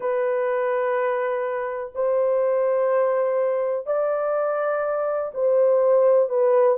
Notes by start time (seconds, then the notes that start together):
0.00 B4
1.94 C5
3.86 D5
5.34 C5
6.29 B4